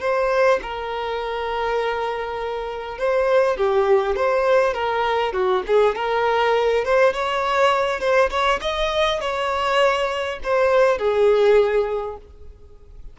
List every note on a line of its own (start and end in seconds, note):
0.00 0.59 C5
0.62 2.98 A#4
2.98 3.57 C5
3.57 4.16 G4
4.16 4.74 C5
4.74 5.33 A#4
5.33 5.62 F#4
5.67 5.95 G#4
5.95 6.84 A#4
6.84 7.13 C5
7.13 8.00 C#5
8.00 8.30 C5
8.30 8.59 C#5
8.61 9.21 D#5
9.21 10.39 C#5
10.43 10.98 C5
10.98 12.17 G#4